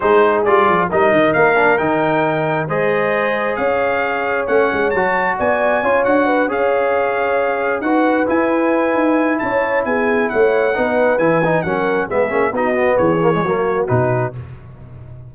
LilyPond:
<<
  \new Staff \with { instrumentName = "trumpet" } { \time 4/4 \tempo 4 = 134 c''4 d''4 dis''4 f''4 | g''2 dis''2 | f''2 fis''4 a''4 | gis''4. fis''4 f''4.~ |
f''4. fis''4 gis''4.~ | gis''4 a''4 gis''4 fis''4~ | fis''4 gis''4 fis''4 e''4 | dis''4 cis''2 b'4 | }
  \new Staff \with { instrumentName = "horn" } { \time 4/4 gis'2 ais'2~ | ais'2 c''2 | cis''1 | d''4 cis''4 b'8 cis''4.~ |
cis''4. b'2~ b'8~ | b'4 cis''4 gis'4 cis''4 | b'2 ais'4 gis'4 | fis'4 gis'4 fis'2 | }
  \new Staff \with { instrumentName = "trombone" } { \time 4/4 dis'4 f'4 dis'4. d'8 | dis'2 gis'2~ | gis'2 cis'4 fis'4~ | fis'4 f'8 fis'4 gis'4.~ |
gis'4. fis'4 e'4.~ | e'1 | dis'4 e'8 dis'8 cis'4 b8 cis'8 | dis'8 b4 ais16 gis16 ais4 dis'4 | }
  \new Staff \with { instrumentName = "tuba" } { \time 4/4 gis4 g8 f8 g8 dis8 ais4 | dis2 gis2 | cis'2 a8 gis8 fis4 | b4 cis'8 d'4 cis'4.~ |
cis'4. dis'4 e'4. | dis'4 cis'4 b4 a4 | b4 e4 fis4 gis8 ais8 | b4 e4 fis4 b,4 | }
>>